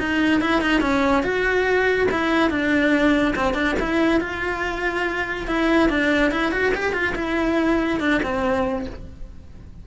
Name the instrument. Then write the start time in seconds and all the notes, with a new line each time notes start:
cello
0.00 D#4
0.41 E4
0.62 D#4
0.81 C#4
1.24 F#4
2.11 E4
2.50 D4
3.36 C4
3.55 D4
3.80 E4
4.21 F4
5.48 E4
5.89 D4
6.32 E4
6.52 F#4
6.75 G4
6.93 F4
7.16 E4
8.00 D4
8.23 C4